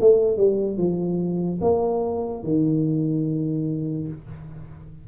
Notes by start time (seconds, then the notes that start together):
0.00 A3
0.37 G3
0.77 F3
1.61 A#3
2.43 D#3